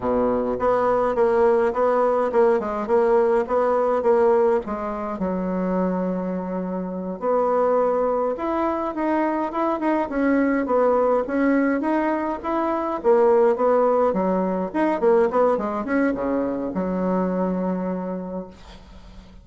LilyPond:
\new Staff \with { instrumentName = "bassoon" } { \time 4/4 \tempo 4 = 104 b,4 b4 ais4 b4 | ais8 gis8 ais4 b4 ais4 | gis4 fis2.~ | fis8 b2 e'4 dis'8~ |
dis'8 e'8 dis'8 cis'4 b4 cis'8~ | cis'8 dis'4 e'4 ais4 b8~ | b8 fis4 dis'8 ais8 b8 gis8 cis'8 | cis4 fis2. | }